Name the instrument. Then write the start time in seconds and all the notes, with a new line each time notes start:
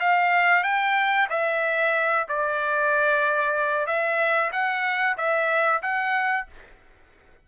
trumpet
0.00 F5
0.64 G5
1.30 E5
2.29 D5
3.87 E5
4.53 F#5
5.18 E5
5.83 F#5